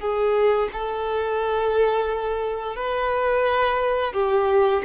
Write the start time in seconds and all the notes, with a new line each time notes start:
0.00 G#4
0.72 A4
2.76 B4
4.13 G4